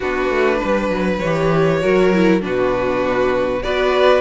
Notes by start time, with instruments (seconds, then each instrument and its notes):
0.00 cello B3, viola D4, violin F#4 B4
0.30 cello A3
0.57 violin B4
0.64 cello G3
0.89 cello F#3
1.18 cello E3, viola G4, violin C#5
1.81 cello F#3, viola F#4, violin A#4
2.14 viola E4
2.41 cello B2, viola D4, violin F#4 B4
3.62 cello B3, viola F#4, violin B4 D5